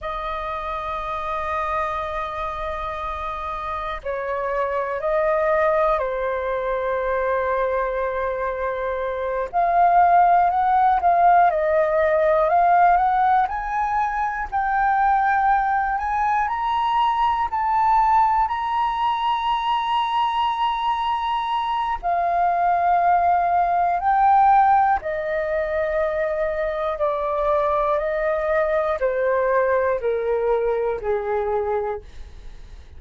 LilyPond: \new Staff \with { instrumentName = "flute" } { \time 4/4 \tempo 4 = 60 dis''1 | cis''4 dis''4 c''2~ | c''4. f''4 fis''8 f''8 dis''8~ | dis''8 f''8 fis''8 gis''4 g''4. |
gis''8 ais''4 a''4 ais''4.~ | ais''2 f''2 | g''4 dis''2 d''4 | dis''4 c''4 ais'4 gis'4 | }